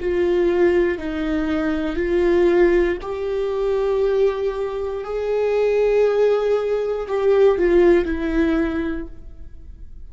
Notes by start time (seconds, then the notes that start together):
0.00 F4
0.98 D#4
1.96 F4
3.02 G4
5.04 G#4
7.07 G4
7.58 F4
8.05 E4